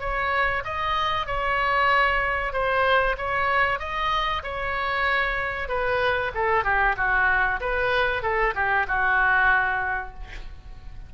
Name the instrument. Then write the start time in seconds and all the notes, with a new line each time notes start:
oboe
0.00 C#5
0.65 D#5
1.27 C#5
2.53 C5
3.18 C#5
3.79 D#5
4.44 C#5
5.69 B4
6.34 A4
6.64 G4
6.97 F#4
7.61 B4
8.22 A4
8.55 G4
8.88 F#4